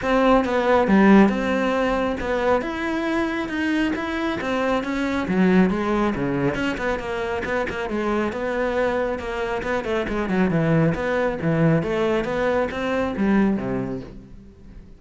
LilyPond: \new Staff \with { instrumentName = "cello" } { \time 4/4 \tempo 4 = 137 c'4 b4 g4 c'4~ | c'4 b4 e'2 | dis'4 e'4 c'4 cis'4 | fis4 gis4 cis4 cis'8 b8 |
ais4 b8 ais8 gis4 b4~ | b4 ais4 b8 a8 gis8 fis8 | e4 b4 e4 a4 | b4 c'4 g4 c4 | }